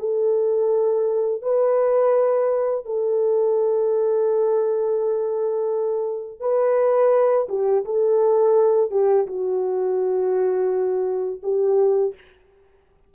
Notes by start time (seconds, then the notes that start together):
0.00 A4
1.43 B4
2.86 A4
6.41 B4
7.49 G4
7.85 A4
8.91 G4
9.27 F#4
11.44 G4